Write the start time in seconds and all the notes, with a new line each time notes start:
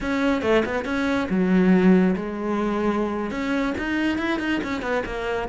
0.01 C#4
0.41 A3
0.65 B3
0.85 C#4
1.29 F#3
2.16 G#3
3.30 C#4
3.77 D#4
4.18 E4
4.39 D#4
4.63 C#4
4.82 B3
5.05 A#3